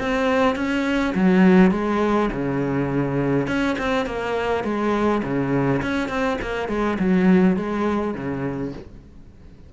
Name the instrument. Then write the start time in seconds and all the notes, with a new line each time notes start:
cello
0.00 C4
0.56 C#4
1.15 F#3
1.72 G#3
2.32 C#3
3.47 C#4
3.79 C4
4.06 A#3
4.64 G#3
5.23 C#3
5.83 C#4
6.09 C4
6.42 A#3
6.69 G#3
7.00 F#3
7.56 G#3
8.15 C#3